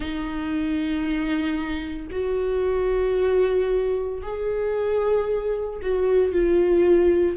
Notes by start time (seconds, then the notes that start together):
0.00 D#4
2.11 F#4
4.22 G#4
5.82 F#4
6.33 F4